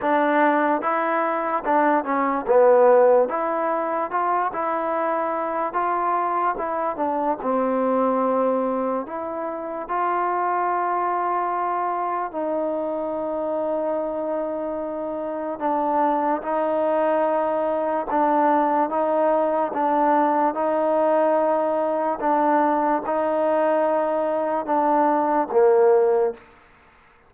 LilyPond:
\new Staff \with { instrumentName = "trombone" } { \time 4/4 \tempo 4 = 73 d'4 e'4 d'8 cis'8 b4 | e'4 f'8 e'4. f'4 | e'8 d'8 c'2 e'4 | f'2. dis'4~ |
dis'2. d'4 | dis'2 d'4 dis'4 | d'4 dis'2 d'4 | dis'2 d'4 ais4 | }